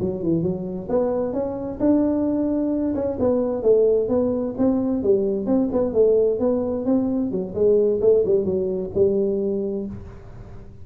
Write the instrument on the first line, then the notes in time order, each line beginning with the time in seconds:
tuba
0.00 F#3
0.23 E3
0.42 F#3
0.89 B3
1.33 C#4
1.80 D4
2.95 C#4
3.19 B3
3.63 A3
4.09 B3
4.58 C4
5.03 G3
5.46 C4
5.72 B3
5.94 A3
6.40 B3
6.85 C4
7.31 F#3
7.54 G#3
8.01 A3
8.25 G3
8.45 F#3
8.94 G3